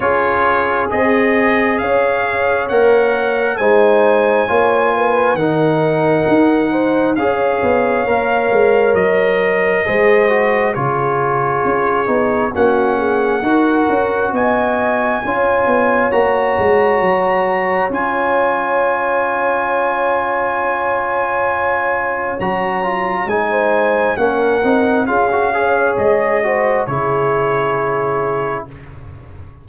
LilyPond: <<
  \new Staff \with { instrumentName = "trumpet" } { \time 4/4 \tempo 4 = 67 cis''4 dis''4 f''4 fis''4 | gis''2 fis''2 | f''2 dis''2 | cis''2 fis''2 |
gis''2 ais''2 | gis''1~ | gis''4 ais''4 gis''4 fis''4 | f''4 dis''4 cis''2 | }
  \new Staff \with { instrumentName = "horn" } { \time 4/4 gis'2 cis''2 | c''4 cis''8 b'8 ais'4. c''8 | cis''2. c''4 | gis'2 fis'8 gis'8 ais'4 |
dis''4 cis''2.~ | cis''1~ | cis''2~ cis''16 c''8. ais'4 | gis'8 cis''4 c''8 gis'2 | }
  \new Staff \with { instrumentName = "trombone" } { \time 4/4 f'4 gis'2 ais'4 | dis'4 f'4 dis'2 | gis'4 ais'2 gis'8 fis'8 | f'4. dis'8 cis'4 fis'4~ |
fis'4 f'4 fis'2 | f'1~ | f'4 fis'8 f'8 dis'4 cis'8 dis'8 | f'16 fis'16 gis'4 fis'8 e'2 | }
  \new Staff \with { instrumentName = "tuba" } { \time 4/4 cis'4 c'4 cis'4 ais4 | gis4 ais4 dis4 dis'4 | cis'8 b8 ais8 gis8 fis4 gis4 | cis4 cis'8 b8 ais4 dis'8 cis'8 |
b4 cis'8 b8 ais8 gis8 fis4 | cis'1~ | cis'4 fis4 gis4 ais8 c'8 | cis'4 gis4 cis2 | }
>>